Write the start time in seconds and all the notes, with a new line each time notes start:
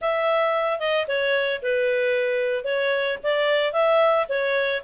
0.01 E5
0.79 D#5
1.07 C#5
1.62 B4
2.64 C#5
3.23 D5
3.72 E5
4.29 C#5